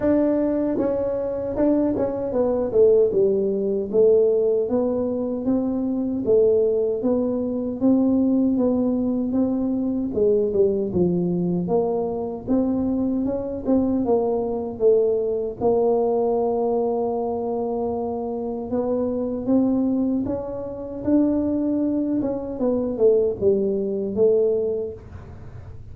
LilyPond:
\new Staff \with { instrumentName = "tuba" } { \time 4/4 \tempo 4 = 77 d'4 cis'4 d'8 cis'8 b8 a8 | g4 a4 b4 c'4 | a4 b4 c'4 b4 | c'4 gis8 g8 f4 ais4 |
c'4 cis'8 c'8 ais4 a4 | ais1 | b4 c'4 cis'4 d'4~ | d'8 cis'8 b8 a8 g4 a4 | }